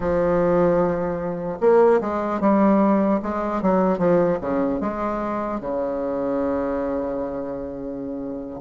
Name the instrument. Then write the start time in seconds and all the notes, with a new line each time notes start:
bassoon
0.00 F3
1.60 A#3
2.00 G#3
2.40 G3
3.22 G#3
3.62 F#3
3.98 F3
4.40 C#3
4.80 G#3
5.60 C#3